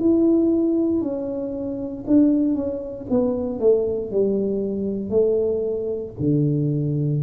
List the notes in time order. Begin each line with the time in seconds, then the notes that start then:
0.00 E4
1.02 C#4
2.07 D4
2.55 C#4
3.10 B3
3.60 A3
4.11 G3
5.10 A3
6.19 D3